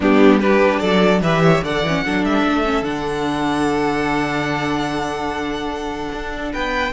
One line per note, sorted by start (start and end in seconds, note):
0.00 0.81 G3
0.00 0.40 B3
0.00 0.39 D4
0.00 0.40 G4
0.39 1.22 D4
0.39 0.80 G4
0.39 0.79 B4
0.79 1.21 F#3
0.79 1.21 A4
0.79 1.20 D5
1.21 1.61 E3
1.21 1.64 G4
1.21 1.42 B4
1.21 1.64 E5
1.43 1.63 C#5
1.62 1.82 D3
1.62 1.86 A4
1.62 2.04 D5
1.62 2.24 F#5
1.82 2.02 E3
1.82 2.05 C#4
2.04 2.24 F#3
2.04 2.65 D4
2.04 6.52 A4
2.24 2.44 G3
2.24 2.84 E5
2.44 2.82 A3
2.65 2.84 C#4
2.82 6.08 D3
2.82 6.92 D4
2.82 6.52 F#5
6.11 6.52 D4
6.52 6.93 B3
6.52 6.93 B4
6.52 6.93 G5